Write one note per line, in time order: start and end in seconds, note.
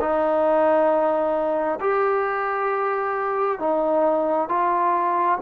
0.00 1.79 D#4
1.80 3.59 G4
3.59 4.49 D#4
4.49 5.39 F4